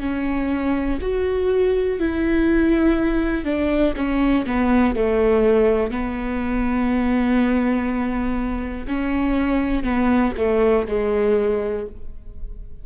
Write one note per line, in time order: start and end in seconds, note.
0.00 0.98 C#4
1.01 1.99 F#4
1.99 3.45 E4
3.45 3.94 D4
3.96 4.45 C#4
4.46 4.95 B3
4.95 5.91 A3
5.91 8.86 B3
8.87 9.84 C#4
9.84 10.33 B3
10.37 10.86 A3
10.88 11.86 G#3